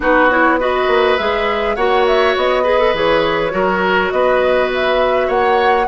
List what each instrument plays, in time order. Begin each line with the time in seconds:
0.00 bassoon B3, clarinet D#4, oboe F#4, flute B4
0.30 clarinet E4, flute C#5
0.60 clarinet F#4, oboe B4, flute D#5
0.87 bassoon A#3
1.17 bassoon G#3, clarinet G#4, flute E5
1.75 bassoon A#3, clarinet F#4, oboe C#5, flute F#5
2.06 flute E5
2.36 bassoon B3, flute D#5
2.63 clarinet G#4, oboe B4
2.78 clarinet A4
2.93 bassoon E3, clarinet G#4, flute C#5
3.50 bassoon F#3, clarinet F#4, oboe A#4
4.11 bassoon B3, oboe B4, flute D#5
4.74 flute E5
5.27 bassoon A#3, oboe C#5, flute F#5